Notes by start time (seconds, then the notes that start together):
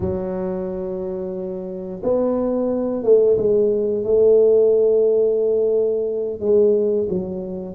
0.00 F#3
2.03 B3
3.03 A3
3.37 G#3
4.04 A3
6.40 G#3
7.09 F#3